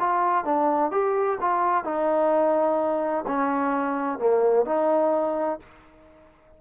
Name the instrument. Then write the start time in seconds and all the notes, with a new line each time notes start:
trombone
0.00 F4
0.45 D4
0.92 G4
1.41 F4
1.85 D#4
3.27 C#4
4.19 A#3
4.66 D#4